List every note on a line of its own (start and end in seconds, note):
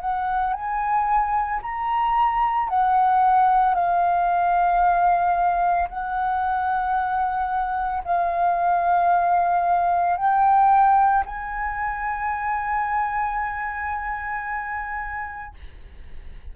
0.00 0.53 F#5
0.53 1.60 G#5
1.62 2.68 A#5
2.68 3.74 F#5
3.74 5.88 F5
5.89 8.03 F#5
8.04 10.17 F5
10.17 11.24 G5
11.25 15.54 G#5